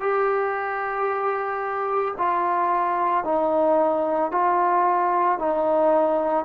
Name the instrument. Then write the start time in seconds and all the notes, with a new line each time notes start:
trombone
0.00 G4
2.18 F4
3.24 D#4
4.31 F4
5.38 D#4